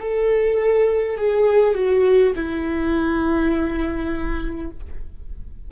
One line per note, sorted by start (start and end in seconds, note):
0.00 1.18 A4
1.18 1.75 G#4
1.75 2.34 F#4
2.36 4.71 E4